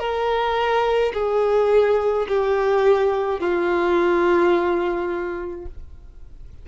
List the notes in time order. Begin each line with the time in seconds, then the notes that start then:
0.00 A#4
1.14 G#4
2.28 G4
3.40 F4